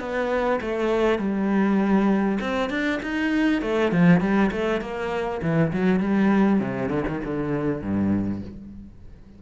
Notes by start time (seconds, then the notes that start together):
0.00 B3
0.61 A3
1.19 G3
2.41 C4
2.70 D4
3.03 D#4
3.62 A3
3.92 F3
4.21 G3
4.52 A3
4.81 A#3
5.42 E3
5.73 F#3
6.00 G3
6.60 C3
6.89 D3
7.08 D#3
7.24 D3
7.82 G2